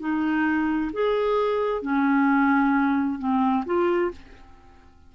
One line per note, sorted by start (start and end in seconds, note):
0.00 0.92 D#4
0.93 1.82 G#4
1.82 3.19 C#4
3.19 3.65 C4
3.66 4.11 F4